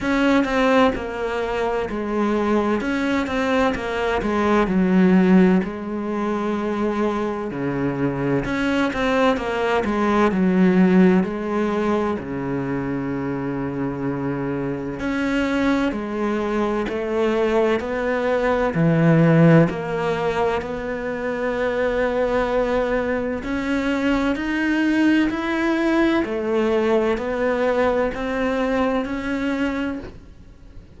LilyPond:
\new Staff \with { instrumentName = "cello" } { \time 4/4 \tempo 4 = 64 cis'8 c'8 ais4 gis4 cis'8 c'8 | ais8 gis8 fis4 gis2 | cis4 cis'8 c'8 ais8 gis8 fis4 | gis4 cis2. |
cis'4 gis4 a4 b4 | e4 ais4 b2~ | b4 cis'4 dis'4 e'4 | a4 b4 c'4 cis'4 | }